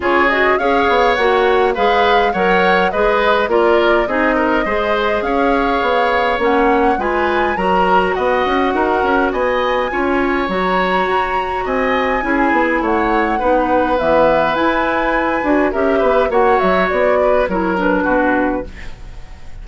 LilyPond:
<<
  \new Staff \with { instrumentName = "flute" } { \time 4/4 \tempo 4 = 103 cis''8 dis''8 f''4 fis''4 f''4 | fis''4 dis''4 d''4 dis''4~ | dis''4 f''2 fis''4 | gis''4 ais''4 fis''2 |
gis''2 ais''2 | gis''2 fis''2 | e''4 gis''2 e''4 | fis''8 e''8 d''4 cis''8 b'4. | }
  \new Staff \with { instrumentName = "oboe" } { \time 4/4 gis'4 cis''2 b'4 | cis''4 b'4 ais'4 gis'8 ais'8 | c''4 cis''2. | b'4 ais'4 dis''4 ais'4 |
dis''4 cis''2. | dis''4 gis'4 cis''4 b'4~ | b'2. ais'8 b'8 | cis''4. b'8 ais'4 fis'4 | }
  \new Staff \with { instrumentName = "clarinet" } { \time 4/4 f'8 fis'8 gis'4 fis'4 gis'4 | ais'4 gis'4 f'4 dis'4 | gis'2. cis'4 | f'4 fis'2.~ |
fis'4 f'4 fis'2~ | fis'4 e'2 dis'4 | b4 e'4. fis'8 g'4 | fis'2 e'8 d'4. | }
  \new Staff \with { instrumentName = "bassoon" } { \time 4/4 cis4 cis'8 b8 ais4 gis4 | fis4 gis4 ais4 c'4 | gis4 cis'4 b4 ais4 | gis4 fis4 b8 cis'8 dis'8 cis'8 |
b4 cis'4 fis4 fis'4 | c'4 cis'8 b8 a4 b4 | e4 e'4. d'8 cis'8 b8 | ais8 fis8 b4 fis4 b,4 | }
>>